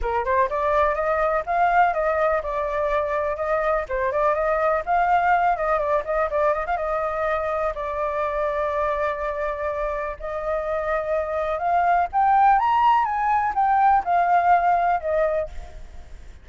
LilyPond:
\new Staff \with { instrumentName = "flute" } { \time 4/4 \tempo 4 = 124 ais'8 c''8 d''4 dis''4 f''4 | dis''4 d''2 dis''4 | c''8 d''8 dis''4 f''4. dis''8 | d''8 dis''8 d''8 dis''16 f''16 dis''2 |
d''1~ | d''4 dis''2. | f''4 g''4 ais''4 gis''4 | g''4 f''2 dis''4 | }